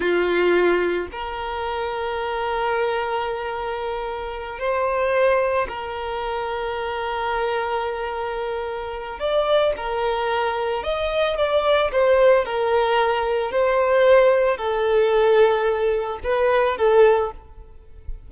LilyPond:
\new Staff \with { instrumentName = "violin" } { \time 4/4 \tempo 4 = 111 f'2 ais'2~ | ais'1~ | ais'8 c''2 ais'4.~ | ais'1~ |
ais'4 d''4 ais'2 | dis''4 d''4 c''4 ais'4~ | ais'4 c''2 a'4~ | a'2 b'4 a'4 | }